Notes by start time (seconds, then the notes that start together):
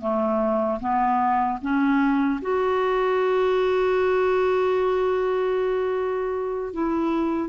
0.00 A3
0.80 B3
1.61 C#4
2.42 F#4
6.73 E4